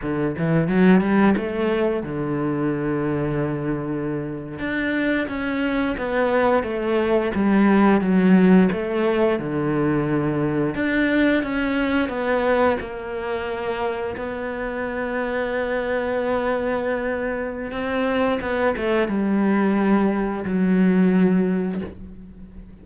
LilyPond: \new Staff \with { instrumentName = "cello" } { \time 4/4 \tempo 4 = 88 d8 e8 fis8 g8 a4 d4~ | d2~ d8. d'4 cis'16~ | cis'8. b4 a4 g4 fis16~ | fis8. a4 d2 d'16~ |
d'8. cis'4 b4 ais4~ ais16~ | ais8. b2.~ b16~ | b2 c'4 b8 a8 | g2 fis2 | }